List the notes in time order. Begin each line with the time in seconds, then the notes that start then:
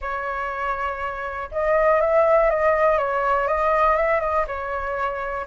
0.01 C#5
1.51 D#5
2.01 E5
2.50 D#5
2.98 C#5
3.47 D#5
3.96 E5
4.20 D#5
4.47 C#5